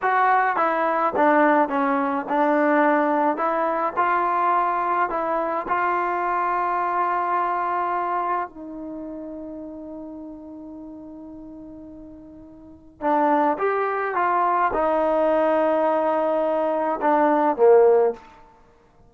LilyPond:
\new Staff \with { instrumentName = "trombone" } { \time 4/4 \tempo 4 = 106 fis'4 e'4 d'4 cis'4 | d'2 e'4 f'4~ | f'4 e'4 f'2~ | f'2. dis'4~ |
dis'1~ | dis'2. d'4 | g'4 f'4 dis'2~ | dis'2 d'4 ais4 | }